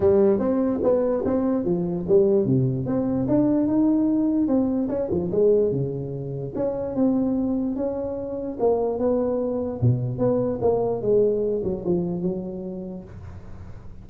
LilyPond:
\new Staff \with { instrumentName = "tuba" } { \time 4/4 \tempo 4 = 147 g4 c'4 b4 c'4 | f4 g4 c4 c'4 | d'4 dis'2 c'4 | cis'8 f8 gis4 cis2 |
cis'4 c'2 cis'4~ | cis'4 ais4 b2 | b,4 b4 ais4 gis4~ | gis8 fis8 f4 fis2 | }